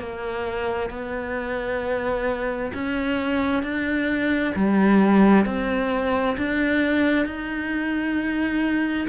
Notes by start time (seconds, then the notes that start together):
0.00 A#3
0.90 B3
2.74 C#4
3.64 D4
4.56 G3
5.46 C4
6.38 D4
7.26 D#4